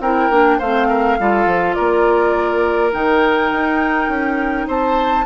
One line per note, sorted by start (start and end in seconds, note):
0.00 0.29 C4
0.00 0.31 E4
0.00 0.59 A#4
0.00 0.60 G5
0.31 0.60 A#3
0.31 0.60 D4
0.59 1.20 A3
0.59 1.20 C4
0.59 0.88 C5
0.59 1.74 F5
0.89 1.18 A#4
1.20 1.46 G3
1.20 2.92 F4
1.20 1.76 A4
1.46 1.75 F3
1.74 2.95 A#3
1.74 4.68 A#4
1.74 2.91 D5
2.92 3.52 D#3
2.92 5.25 D#4
2.92 4.68 G5
3.52 4.08 D#4
4.08 4.67 C#4
4.68 5.26 C4
4.68 5.26 C5
4.68 5.26 A5